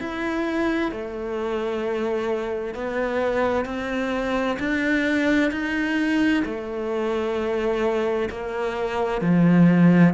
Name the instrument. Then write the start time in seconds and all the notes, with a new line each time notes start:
cello
0.00 E4
0.92 A3
2.75 B3
3.66 C4
4.60 D4
5.52 D#4
6.45 A3
8.30 A#3
9.22 F3